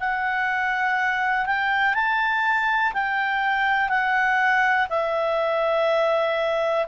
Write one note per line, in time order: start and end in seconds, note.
0.00 1.46 F#5
1.46 1.94 G5
1.94 2.93 A5
2.94 3.89 G5
3.89 4.88 F#5
4.90 6.87 E5